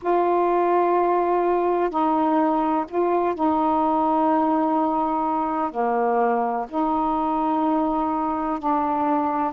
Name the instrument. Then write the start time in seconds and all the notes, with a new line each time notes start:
saxophone
0.02 F4
1.90 D#4
2.88 F4
3.35 D#4
5.71 A#3
6.68 D#4
8.59 D4